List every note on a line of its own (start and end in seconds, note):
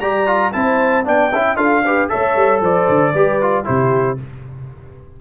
0.00 0.53 G3
0.00 0.26 G4
0.00 0.52 D5
0.00 0.52 A#5
0.26 0.52 F4
0.52 1.07 C4
0.52 1.04 E4
0.52 1.06 C5
0.52 1.05 A5
1.04 1.32 B3
1.04 1.30 D4
1.04 1.32 D5
1.04 1.56 G5
1.32 1.56 C#4
1.32 1.56 E4
1.32 1.57 E5
1.56 2.08 D4
1.56 1.82 F4
1.56 1.84 A4
1.56 2.09 F5
1.84 2.09 G4
1.84 2.11 B4
2.09 2.36 A3
2.09 3.13 A4
2.09 2.62 C#5
2.09 2.61 E5
2.36 2.61 G3
2.61 2.87 F3
2.61 3.13 C5
2.61 3.66 D5
2.88 3.14 D3
3.13 3.66 G3
3.13 3.41 G4
3.13 3.65 B4
3.41 3.64 F4
3.64 4.21 C3
3.64 4.17 E4
3.64 4.18 G4
3.64 4.18 C5